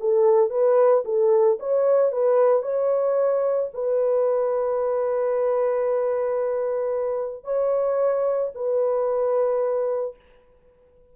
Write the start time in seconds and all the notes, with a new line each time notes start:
0.00 A4
0.50 B4
1.05 A4
1.59 C#5
2.12 B4
2.62 C#5
3.73 B4
7.44 C#5
8.55 B4